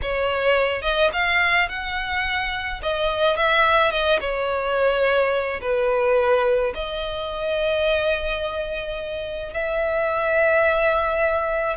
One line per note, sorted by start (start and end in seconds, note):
0.02 0.82 C#5
0.82 1.10 D#5
1.12 1.68 F5
1.68 2.81 F#5
2.82 3.36 D#5
3.36 3.91 E5
3.91 4.19 D#5
4.20 5.60 C#5
5.61 6.73 B4
6.74 9.53 D#5
9.53 11.77 E5